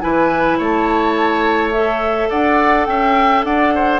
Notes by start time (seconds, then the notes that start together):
0.00 E3 E4 B4 G#5
0.57 A3 C#5 A5
1.72 A4 E5
2.29 D4 D5 F#5
2.85 C#4 E5 G5
3.44 D4 D5 F#5
3.74 C5